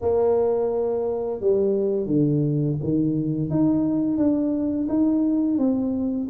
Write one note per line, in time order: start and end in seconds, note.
0.01 1.40 A#3
1.40 2.06 G3
2.06 2.76 D3
2.83 3.50 D#3
3.50 4.17 D#4
4.17 4.87 D4
4.88 5.58 D#4
5.58 6.28 C4